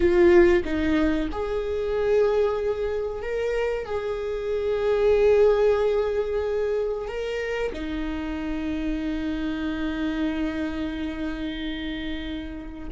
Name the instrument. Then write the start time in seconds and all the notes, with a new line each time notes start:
viola
0.00 F4
0.64 D#4
1.31 G#4
3.21 A#4
3.85 G#4
7.08 A#4
7.72 D#4